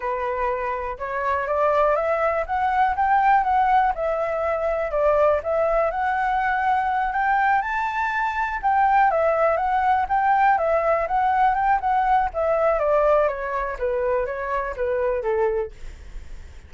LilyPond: \new Staff \with { instrumentName = "flute" } { \time 4/4 \tempo 4 = 122 b'2 cis''4 d''4 | e''4 fis''4 g''4 fis''4 | e''2 d''4 e''4 | fis''2~ fis''8 g''4 a''8~ |
a''4. g''4 e''4 fis''8~ | fis''8 g''4 e''4 fis''4 g''8 | fis''4 e''4 d''4 cis''4 | b'4 cis''4 b'4 a'4 | }